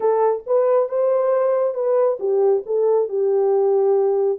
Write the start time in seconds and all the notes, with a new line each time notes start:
0.00 A4
0.46 B4
0.88 C5
1.74 B4
2.19 G4
2.65 A4
3.08 G4